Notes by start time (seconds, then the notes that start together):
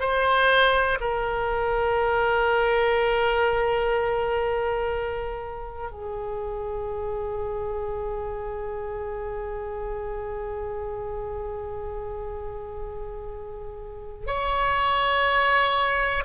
0.00 C5
1.01 A#4
5.92 G#4
14.27 C#5